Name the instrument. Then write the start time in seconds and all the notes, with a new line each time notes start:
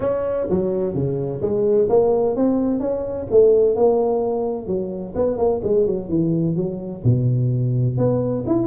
tuba
0.00 C#4
0.49 F#3
0.94 C#3
1.41 G#3
1.89 A#3
2.36 C4
2.80 C#4
3.30 A3
3.75 A#3
4.66 F#3
5.15 B3
5.37 A#3
5.63 G#3
5.86 F#3
6.09 E3
6.55 F#3
7.04 B2
7.97 B3
8.46 E4